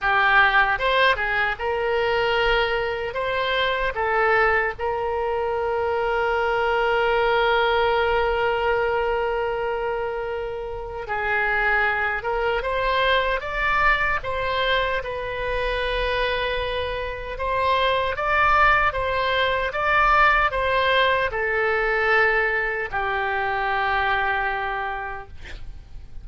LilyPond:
\new Staff \with { instrumentName = "oboe" } { \time 4/4 \tempo 4 = 76 g'4 c''8 gis'8 ais'2 | c''4 a'4 ais'2~ | ais'1~ | ais'2 gis'4. ais'8 |
c''4 d''4 c''4 b'4~ | b'2 c''4 d''4 | c''4 d''4 c''4 a'4~ | a'4 g'2. | }